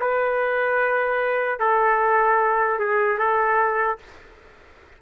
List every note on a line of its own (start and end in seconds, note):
0.00 1.59 B4
1.59 2.79 A4
2.79 3.18 G#4
3.18 3.98 A4